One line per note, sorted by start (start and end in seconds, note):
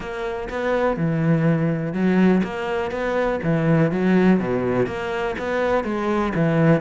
0.00 0.49 A#3
0.49 0.96 B3
0.96 1.93 E3
1.93 2.42 F#3
2.43 2.91 A#3
2.91 3.40 B3
3.43 3.91 E3
3.91 4.39 F#3
4.39 4.86 B2
4.86 5.35 A#3
5.38 5.83 B3
5.83 6.32 G#3
6.34 6.81 E3